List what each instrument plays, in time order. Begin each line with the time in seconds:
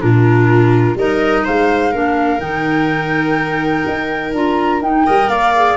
0.00 tuba A#2, clarinet D4, viola F4, flute A#4
0.95 tuba G3, clarinet D#4, viola A#4, flute D#5
1.44 tuba G#3, viola C5, flute F5
1.91 tuba A#3, clarinet D4, viola A#4
2.39 tuba D#3, clarinet D#4, flute G5
3.87 tuba D#4
4.33 tuba D4, clarinet F4, flute A#5
4.81 tuba D#4, clarinet D#4, flute G5
5.05 tuba G3, clarinet A#4, viola D#5
5.27 tuba A#3, viola D5, flute F5
5.56 clarinet G#4